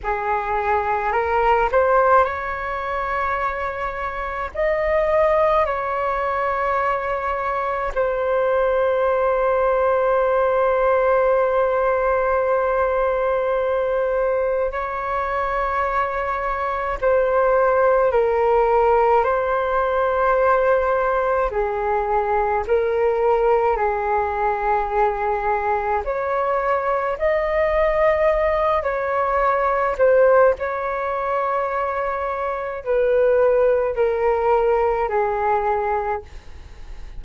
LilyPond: \new Staff \with { instrumentName = "flute" } { \time 4/4 \tempo 4 = 53 gis'4 ais'8 c''8 cis''2 | dis''4 cis''2 c''4~ | c''1~ | c''4 cis''2 c''4 |
ais'4 c''2 gis'4 | ais'4 gis'2 cis''4 | dis''4. cis''4 c''8 cis''4~ | cis''4 b'4 ais'4 gis'4 | }